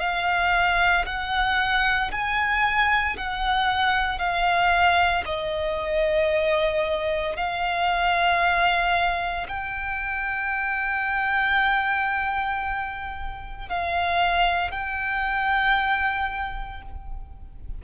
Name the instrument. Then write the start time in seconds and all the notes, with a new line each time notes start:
violin
0.00 F5
1.06 F#5
2.11 G#5
3.18 F#5
4.19 F5
5.26 D#5
7.36 F5
9.49 G5
13.69 F5
14.71 G5